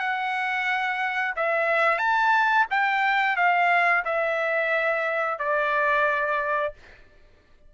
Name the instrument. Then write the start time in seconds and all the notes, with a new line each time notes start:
trumpet
0.00 F#5
1.36 E5
1.99 A5
2.71 G5
3.37 F5
4.05 E5
5.39 D5